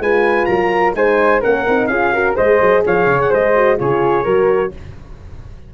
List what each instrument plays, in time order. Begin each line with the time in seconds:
0.00 tuba G#3, horn F4, flute B4, trumpet G#5
0.46 tuba F#3, flute A#4, trumpet A#5
0.94 tuba G#3, horn D#4, flute C5, trumpet G#5
1.41 tuba A#3, horn C#4, flute A#4, trumpet F#5
1.68 tuba C4, horn D#4
1.87 tuba C#4, horn F4, flute G#4, trumpet F5
2.14 horn F#4, flute A#4
2.35 tuba G#3, horn G#4, flute C5, trumpet D#5
2.61 tuba F#3
2.87 tuba F3, flute C#5, trumpet F5
3.07 tuba C#3
3.22 trumpet F#5
3.31 tuba G#3, flute C5, trumpet D#5
3.56 horn F#4
3.78 tuba C#3, horn F4, flute G#4, trumpet C#5
4.24 tuba F#3, horn F#4, flute A#4